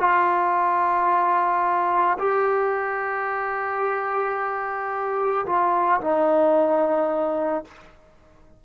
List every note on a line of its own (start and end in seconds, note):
0.00 2.18 F4
2.19 5.46 G4
5.46 6.00 F4
6.01 7.65 D#4